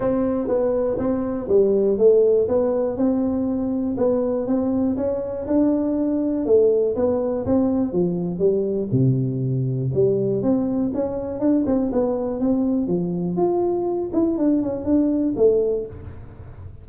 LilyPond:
\new Staff \with { instrumentName = "tuba" } { \time 4/4 \tempo 4 = 121 c'4 b4 c'4 g4 | a4 b4 c'2 | b4 c'4 cis'4 d'4~ | d'4 a4 b4 c'4 |
f4 g4 c2 | g4 c'4 cis'4 d'8 c'8 | b4 c'4 f4 f'4~ | f'8 e'8 d'8 cis'8 d'4 a4 | }